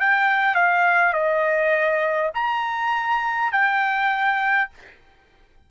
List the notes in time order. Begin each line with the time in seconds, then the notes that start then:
0.00 G5
0.55 F5
1.13 D#5
2.34 A#5
3.52 G5